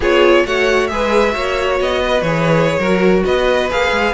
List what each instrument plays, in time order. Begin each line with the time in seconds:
0.00 cello B3, viola F4, violin G#4 C#5
0.45 cello A3, viola F#4, violin C#5 F#5
0.87 cello G#3, viola G#4, violin B4 E5
1.31 cello A#3, viola F#4, violin C#5
1.79 cello B3, violin D#5
2.01 violin B4
2.22 cello E3, viola G#4, violin C#5
2.78 cello F#3, viola F#4, violin A#4
3.25 cello B3, violin B4 D#5
3.69 cello A#3, viola G#4, violin F5
3.91 cello G#3